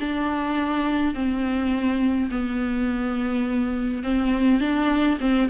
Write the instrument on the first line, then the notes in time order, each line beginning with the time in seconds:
viola
0.00 D4
1.14 C4
2.31 B3
4.03 C4
4.60 D4
5.20 C4